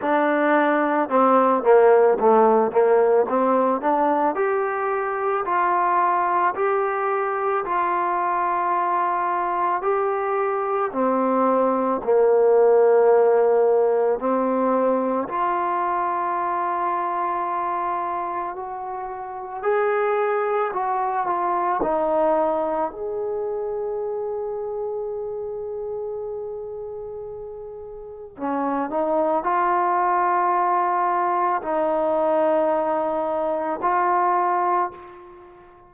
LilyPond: \new Staff \with { instrumentName = "trombone" } { \time 4/4 \tempo 4 = 55 d'4 c'8 ais8 a8 ais8 c'8 d'8 | g'4 f'4 g'4 f'4~ | f'4 g'4 c'4 ais4~ | ais4 c'4 f'2~ |
f'4 fis'4 gis'4 fis'8 f'8 | dis'4 gis'2.~ | gis'2 cis'8 dis'8 f'4~ | f'4 dis'2 f'4 | }